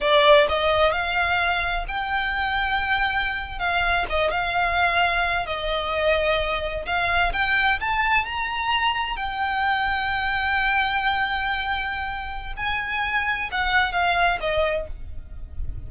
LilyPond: \new Staff \with { instrumentName = "violin" } { \time 4/4 \tempo 4 = 129 d''4 dis''4 f''2 | g''2.~ g''8. f''16~ | f''8. dis''8 f''2~ f''8 dis''16~ | dis''2~ dis''8. f''4 g''16~ |
g''8. a''4 ais''2 g''16~ | g''1~ | g''2. gis''4~ | gis''4 fis''4 f''4 dis''4 | }